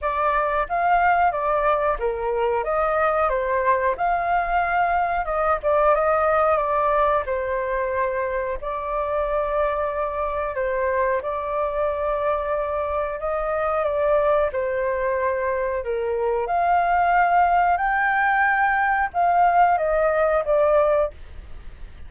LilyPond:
\new Staff \with { instrumentName = "flute" } { \time 4/4 \tempo 4 = 91 d''4 f''4 d''4 ais'4 | dis''4 c''4 f''2 | dis''8 d''8 dis''4 d''4 c''4~ | c''4 d''2. |
c''4 d''2. | dis''4 d''4 c''2 | ais'4 f''2 g''4~ | g''4 f''4 dis''4 d''4 | }